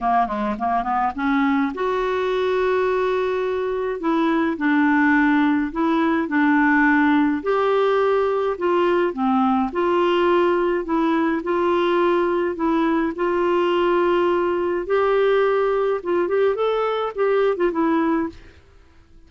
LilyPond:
\new Staff \with { instrumentName = "clarinet" } { \time 4/4 \tempo 4 = 105 ais8 gis8 ais8 b8 cis'4 fis'4~ | fis'2. e'4 | d'2 e'4 d'4~ | d'4 g'2 f'4 |
c'4 f'2 e'4 | f'2 e'4 f'4~ | f'2 g'2 | f'8 g'8 a'4 g'8. f'16 e'4 | }